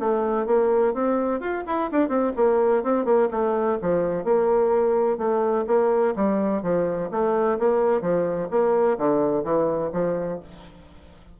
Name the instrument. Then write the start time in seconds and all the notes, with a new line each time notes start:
bassoon
0.00 A3
0.47 A#3
0.94 C4
1.40 F4
1.67 E4
1.92 D4
2.09 C4
2.36 A#3
2.83 C4
3.05 A#3
3.31 A3
3.82 F3
4.24 A#3
5.18 A3
5.67 A#3
6.16 G3
6.63 F3
7.11 A3
7.59 A#3
8.02 F3
8.51 A#3
8.98 D3
9.44 E3
9.93 F3